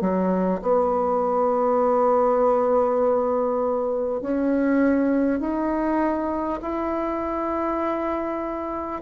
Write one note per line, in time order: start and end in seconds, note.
0.00 0.60 F#3
0.62 4.21 B3
4.21 5.39 C#4
5.39 6.59 D#4
6.61 9.01 E4